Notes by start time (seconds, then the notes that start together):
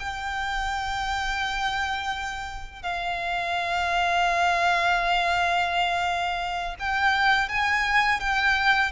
0.00 G5
2.83 F5
6.80 G5
7.49 G#5
8.20 G5